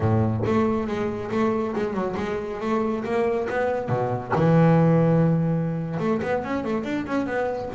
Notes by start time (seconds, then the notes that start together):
0.00 A2
0.46 A3
0.87 G#3
1.31 A3
1.75 G#3
1.93 F#3
2.17 G#3
2.60 A3
3.04 A#3
3.49 B3
3.88 B2
4.35 E3
5.99 A3
6.22 B3
6.44 C#4
6.64 A3
6.84 D4
7.06 C#4
7.26 B3